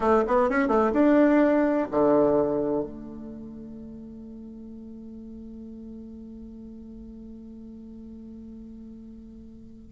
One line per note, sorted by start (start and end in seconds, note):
0.00 0.23 A3
0.27 0.49 B3
0.49 0.68 C#4
0.68 0.91 A3
0.92 1.87 D4
1.91 2.83 D3
2.83 9.91 A3